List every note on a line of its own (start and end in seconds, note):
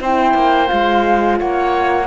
0.00 0.34 C4
0.00 0.67 E4
0.00 1.39 C5
0.00 0.68 G5
0.34 0.69 A#3
0.67 1.40 G#3
0.67 2.05 F4
0.67 1.37 F5
1.38 2.07 A#3
1.38 2.07 C#5
1.38 2.07 F#5